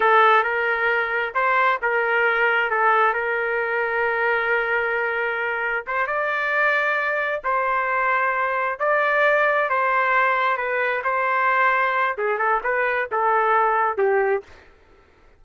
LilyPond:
\new Staff \with { instrumentName = "trumpet" } { \time 4/4 \tempo 4 = 133 a'4 ais'2 c''4 | ais'2 a'4 ais'4~ | ais'1~ | ais'4 c''8 d''2~ d''8~ |
d''8 c''2. d''8~ | d''4. c''2 b'8~ | b'8 c''2~ c''8 gis'8 a'8 | b'4 a'2 g'4 | }